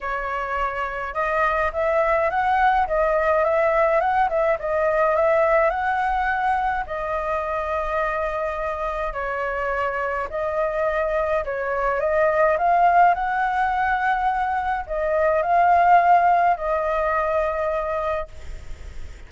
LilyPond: \new Staff \with { instrumentName = "flute" } { \time 4/4 \tempo 4 = 105 cis''2 dis''4 e''4 | fis''4 dis''4 e''4 fis''8 e''8 | dis''4 e''4 fis''2 | dis''1 |
cis''2 dis''2 | cis''4 dis''4 f''4 fis''4~ | fis''2 dis''4 f''4~ | f''4 dis''2. | }